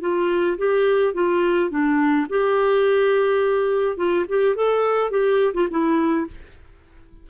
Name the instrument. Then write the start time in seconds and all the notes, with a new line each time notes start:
clarinet
0.00 F4
0.58 G4
1.14 F4
1.70 D4
2.29 G4
3.97 F4
4.28 G4
4.55 A4
5.10 G4
5.54 F4
5.70 E4